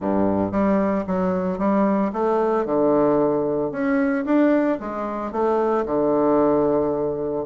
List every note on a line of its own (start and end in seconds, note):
0.00 0.51 G2
0.51 1.04 G3
1.06 1.58 F#3
1.58 2.11 G3
2.12 2.65 A3
2.65 3.71 D3
3.71 4.24 C#4
4.25 4.78 D4
4.80 5.31 G#3
5.31 5.85 A3
5.85 7.44 D3